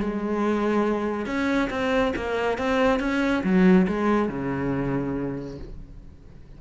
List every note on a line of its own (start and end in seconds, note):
0.00 1.26 G#3
1.26 1.69 C#4
1.70 2.13 C4
2.16 2.58 A#3
2.58 3.00 C4
3.00 3.43 C#4
3.44 3.87 F#3
3.88 4.29 G#3
4.29 5.59 C#3